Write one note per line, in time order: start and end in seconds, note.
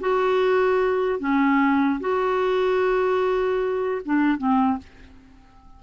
0.00 1.19 F#4
1.19 2.00 C#4
2.00 4.01 F#4
4.05 4.38 D4
4.38 4.78 C4